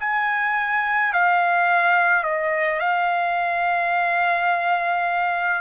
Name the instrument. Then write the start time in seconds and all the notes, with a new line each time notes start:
trumpet
0.00 G#5
1.13 F5
2.24 D#5
2.79 F5